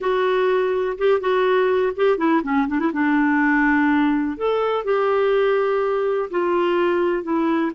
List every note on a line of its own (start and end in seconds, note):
0.00 0.97 F#4
0.98 1.20 G4
1.20 1.92 F#4
1.96 2.17 G4
2.17 2.41 E4
2.43 2.67 C#4
2.67 2.79 D4
2.79 2.91 E4
2.93 4.37 D4
4.37 4.84 A4
4.84 6.29 G4
6.30 7.23 F4
7.23 7.71 E4